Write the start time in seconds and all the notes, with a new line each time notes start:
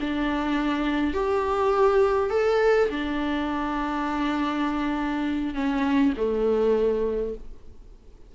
0.00 D4
1.13 G4
2.30 A4
2.90 D4
5.54 C#4
6.16 A3